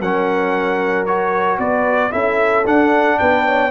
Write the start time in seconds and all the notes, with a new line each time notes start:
0.00 F#3 C#4 A#4 F#5
1.06 F#4 C#5
1.59 B3 B4 D5
2.11 C#4 E4 A4 E5
2.65 D4 F#5
3.19 B3 B4 G5
3.46 C#5